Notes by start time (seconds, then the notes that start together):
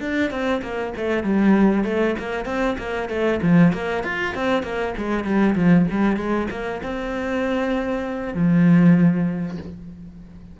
0.00 D4
0.31 C4
0.62 A#3
0.96 A3
1.23 G3
1.84 A3
2.19 A#3
2.45 C4
2.78 A#3
3.09 A3
3.42 F3
3.73 A#3
4.04 F4
4.35 C4
4.63 A#3
4.98 G#3
5.24 G3
5.55 F3
5.90 G3
6.17 G#3
6.51 A#3
6.83 C4
8.34 F3